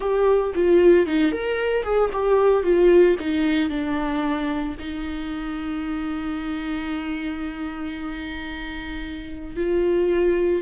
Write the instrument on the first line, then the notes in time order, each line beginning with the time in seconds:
viola
0.00 G4
0.54 F4
1.06 D#4
1.32 A#4
1.83 G#4
2.12 G4
2.63 F4
3.19 D#4
3.69 D4
4.79 D#4
9.56 F4